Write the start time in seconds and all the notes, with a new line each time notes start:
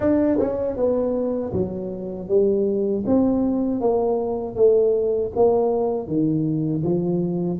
0.00 D4
0.39 C#4
0.76 B3
1.52 F#3
2.28 G3
3.06 C4
3.80 A#3
4.55 A3
5.35 A#3
6.07 D#3
6.84 F3